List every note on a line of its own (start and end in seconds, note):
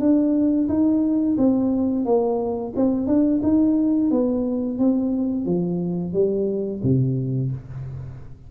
0.00 0.68 D4
0.68 1.37 D#4
1.38 2.05 C4
2.05 2.73 A#3
2.76 3.07 C4
3.07 3.41 D4
3.43 4.11 D#4
4.11 4.78 B3
4.78 5.46 C4
5.46 6.13 F3
6.13 6.82 G3
6.83 7.51 C3